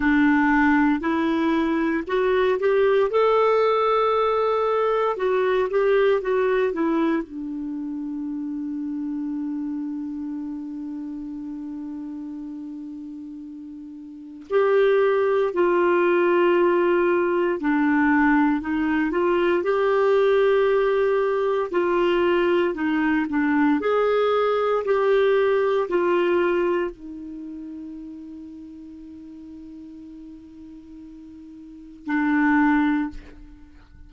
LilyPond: \new Staff \with { instrumentName = "clarinet" } { \time 4/4 \tempo 4 = 58 d'4 e'4 fis'8 g'8 a'4~ | a'4 fis'8 g'8 fis'8 e'8 d'4~ | d'1~ | d'2 g'4 f'4~ |
f'4 d'4 dis'8 f'8 g'4~ | g'4 f'4 dis'8 d'8 gis'4 | g'4 f'4 dis'2~ | dis'2. d'4 | }